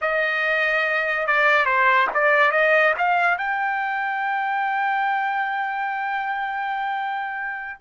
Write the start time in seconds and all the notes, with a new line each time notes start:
0.01 D#5
1.27 D5
1.65 C5
2.14 D5
2.51 D#5
2.98 F5
3.37 G5